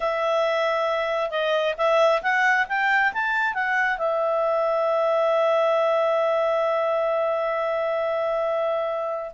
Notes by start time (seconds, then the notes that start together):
0.00 E5
1.30 D#5
1.77 E5
2.22 F#5
2.68 G5
3.13 A5
3.54 F#5
3.98 E5